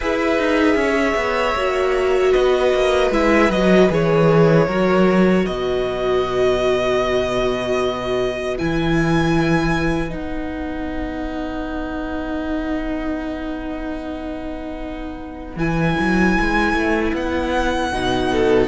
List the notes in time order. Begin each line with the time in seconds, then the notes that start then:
0.00 E4 G#4 B4 E5
0.38 D#4
0.75 C#4
0.81 C#5
1.15 B3
1.55 A#3 F#4
2.31 B3 B4 D#5
2.73 A#3
3.10 G#3 E4 E5
3.49 F#3 F#4 D#5
3.89 E3 G#4 C#5
4.66 F#3 F#4 A#4
5.44 B2 B4 D#5
8.57 E3 E4 G#5
10.09 B3 D#4 F#5
15.56 E3 E4 G#5
15.99 F#3
16.40 G#3
16.73 A3
17.13 B3 F#5
17.92 B2 D#4
18.31 A4